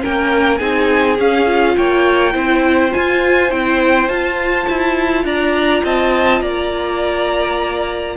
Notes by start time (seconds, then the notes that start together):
0.00 A#3 C#4 A#4 G5
0.57 C4 D#4 G#4 G#5
1.18 C#4 F5
1.45 F4
1.77 A#3 C#5 G5
2.32 C4 E4 C5
2.90 F4 G#5
3.50 C4 E4 G5
4.08 F4 A5
4.69 E4
5.24 D4 D5 A#5
5.84 C4 D#5 A5
6.41 A#3 D5 A#5